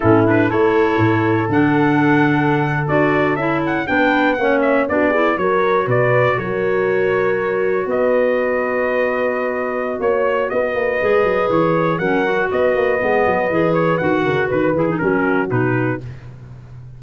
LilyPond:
<<
  \new Staff \with { instrumentName = "trumpet" } { \time 4/4 \tempo 4 = 120 a'8 b'8 cis''2 fis''4~ | fis''4.~ fis''16 d''4 e''8 fis''8 g''16~ | g''8. fis''8 e''8 d''4 cis''4 d''16~ | d''8. cis''2. dis''16~ |
dis''1 | cis''4 dis''2 cis''4 | fis''4 dis''2~ dis''8 cis''8 | fis''4 b'8 gis'8 ais'4 b'4 | }
  \new Staff \with { instrumentName = "horn" } { \time 4/4 e'4 a'2.~ | a'2.~ a'8. b'16~ | b'8. cis''4 fis'8 gis'8 ais'4 b'16~ | b'8. ais'2. b'16~ |
b'1 | cis''4 b'2. | ais'4 b'2.~ | b'8 ais'8 b'4 fis'2 | }
  \new Staff \with { instrumentName = "clarinet" } { \time 4/4 cis'8 d'8 e'2 d'4~ | d'4.~ d'16 fis'4 e'4 d'16~ | d'8. cis'4 d'8 e'8 fis'4~ fis'16~ | fis'1~ |
fis'1~ | fis'2 gis'2 | cis'8 fis'4. b4 gis'4 | fis'4. e'16 dis'16 cis'4 dis'4 | }
  \new Staff \with { instrumentName = "tuba" } { \time 4/4 a,4 a4 a,4 d4~ | d4.~ d16 d'4 cis'4 b16~ | b8. ais4 b4 fis4 b,16~ | b,8. fis2. b16~ |
b1 | ais4 b8 ais8 gis8 fis8 e4 | fis4 b8 ais8 gis8 fis8 e4 | dis8 cis8 dis8 e8 fis4 b,4 | }
>>